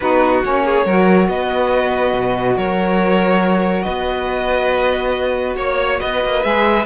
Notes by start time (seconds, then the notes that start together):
0.00 B3 D#4 F#4 B4
0.43 A#3 C#4 C#5
0.64 G#4
0.85 F#3 F#4 A#4
1.28 B3 B4 D#5
2.13 B2
2.56 F#3 A#4 C#5
3.82 B3 B4 D#5
5.56 A#3 C#5
6.00 B3 B4 D#5
6.24 A#3
6.42 G#3 G#4 E5